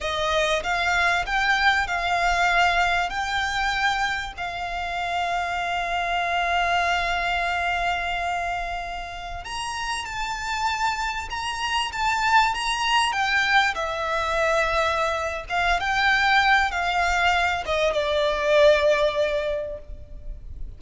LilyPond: \new Staff \with { instrumentName = "violin" } { \time 4/4 \tempo 4 = 97 dis''4 f''4 g''4 f''4~ | f''4 g''2 f''4~ | f''1~ | f''2.~ f''16 ais''8.~ |
ais''16 a''2 ais''4 a''8.~ | a''16 ais''4 g''4 e''4.~ e''16~ | e''4 f''8 g''4. f''4~ | f''8 dis''8 d''2. | }